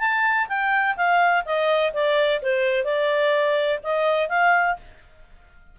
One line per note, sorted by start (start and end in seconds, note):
0.00 0.48 A5
0.49 0.96 G5
0.97 1.44 F5
1.46 1.93 D#5
1.94 2.41 D5
2.42 2.85 C5
2.85 3.80 D5
3.83 4.29 D#5
4.29 4.77 F5